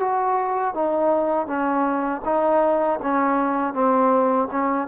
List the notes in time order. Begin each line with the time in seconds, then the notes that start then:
0.00 F#4
0.75 D#4
1.47 C#4
2.25 D#4
3.03 C#4
3.74 C4
4.51 C#4